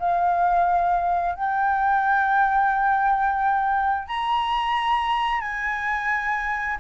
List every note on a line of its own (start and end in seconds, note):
0.00 1.35 F5
1.35 4.08 G5
4.08 5.41 A#5
5.41 6.77 G#5